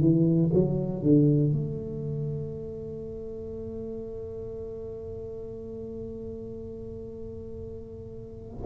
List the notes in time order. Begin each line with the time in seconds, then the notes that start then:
0.00 E3
0.53 F#3
1.02 D3
1.53 A3